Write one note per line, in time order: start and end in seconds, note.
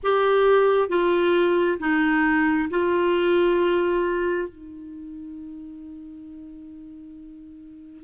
0.03 0.88 G4
0.88 1.78 F4
1.79 2.69 D#4
2.70 4.48 F4
4.48 8.04 D#4